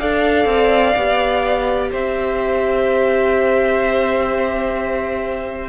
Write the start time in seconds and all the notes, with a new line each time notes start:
0.00 D4 A4 D5 F5
0.46 C4
0.97 B3 G4
1.91 C4 C5 E5